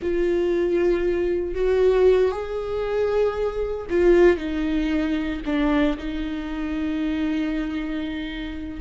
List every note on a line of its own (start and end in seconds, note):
0.02 1.54 F4
1.54 2.31 F#4
2.31 3.86 G#4
3.90 4.37 F4
4.37 5.40 D#4
5.45 5.97 D4
5.97 8.80 D#4